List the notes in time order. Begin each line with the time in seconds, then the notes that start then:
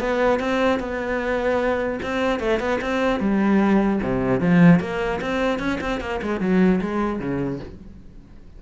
0.00 B3
0.39 C4
0.79 B3
2.02 C4
2.39 A3
2.59 B3
2.81 C4
3.20 G3
4.02 C3
4.40 F3
4.80 A#3
5.21 C4
5.59 C#4
5.81 C4
6.00 A#3
6.22 G#3
6.40 F#3
6.81 G#3
7.19 C#3